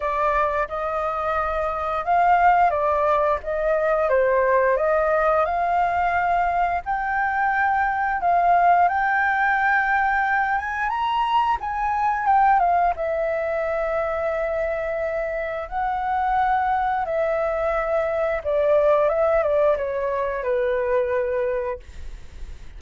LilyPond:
\new Staff \with { instrumentName = "flute" } { \time 4/4 \tempo 4 = 88 d''4 dis''2 f''4 | d''4 dis''4 c''4 dis''4 | f''2 g''2 | f''4 g''2~ g''8 gis''8 |
ais''4 gis''4 g''8 f''8 e''4~ | e''2. fis''4~ | fis''4 e''2 d''4 | e''8 d''8 cis''4 b'2 | }